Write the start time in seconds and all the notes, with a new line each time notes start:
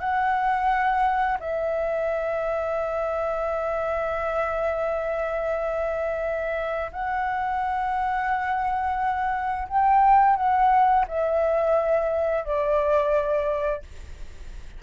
0.00 F#5
1.40 E5
6.92 F#5
9.68 G5
10.36 F#5
11.08 E5
12.45 D5